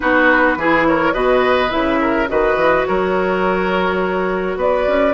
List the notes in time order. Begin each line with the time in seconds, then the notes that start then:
0.00 B3 D#4 F#4 B4
0.56 E3 E4 G#4
0.86 A#4 C#5
1.13 B2 F#4 B4 D#5
1.69 C#3 E4 E5
2.00 A#4
2.28 D#3 F#4 B4 D#5
2.55 E3
2.86 F#3 A#4 C#5
4.56 B3 B4 D5
4.87 C#4